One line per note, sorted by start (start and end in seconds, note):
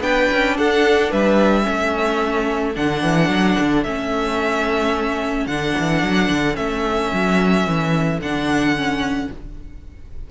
0.00 0.27 B3
0.00 1.63 D4
0.00 0.57 B4
0.00 0.57 G5
0.32 0.58 C#4
0.58 1.12 D4
0.58 1.10 A4
0.58 1.12 F#5
1.10 1.66 G3
1.10 1.64 B4
1.10 2.75 E5
1.63 2.76 A3
1.63 2.72 C#4
1.63 9.27 A4
2.75 3.02 D3
2.75 3.85 D4
2.75 3.83 F#5
3.02 3.28 E3
3.28 3.56 F#3
3.59 3.85 D3
3.83 5.46 A3
3.83 5.49 C#4
3.83 5.47 E5
5.46 5.73 D3
5.46 6.55 D4
5.46 6.56 F#5
5.78 6.03 E3
6.03 6.29 F#3
6.29 6.56 D3
6.55 7.11 A3
6.55 8.18 C#4
6.55 8.20 E5
7.13 7.66 F#3
7.66 8.19 E3
8.19 9.28 D3
8.19 8.76 D4
8.19 9.31 F#5
8.76 9.30 C#4